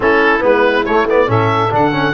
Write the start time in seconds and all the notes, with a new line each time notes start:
0.00 A3 C#4 E4 A4
0.39 G#3 B3 B4
0.85 A3 C#5
1.09 B3 D5
1.26 A2 C#4 A4 E5
1.70 D3 D4 F#5
1.92 C#4